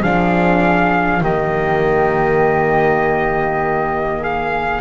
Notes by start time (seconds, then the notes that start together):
0.00 F3 D4 G#4 F5
1.21 D#3 A#3 G4 D#5
4.20 G#4 F5